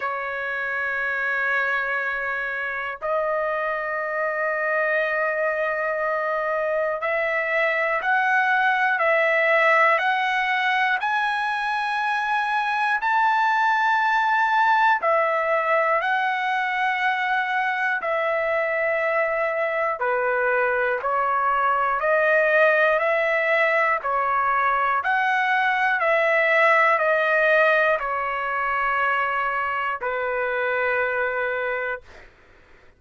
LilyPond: \new Staff \with { instrumentName = "trumpet" } { \time 4/4 \tempo 4 = 60 cis''2. dis''4~ | dis''2. e''4 | fis''4 e''4 fis''4 gis''4~ | gis''4 a''2 e''4 |
fis''2 e''2 | b'4 cis''4 dis''4 e''4 | cis''4 fis''4 e''4 dis''4 | cis''2 b'2 | }